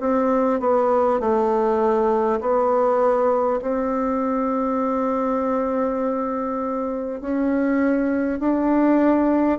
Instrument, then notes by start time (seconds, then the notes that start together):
bassoon
0.00 C4
0.59 B3
1.20 A3
2.40 B3
3.61 C4
7.21 C#4
8.39 D4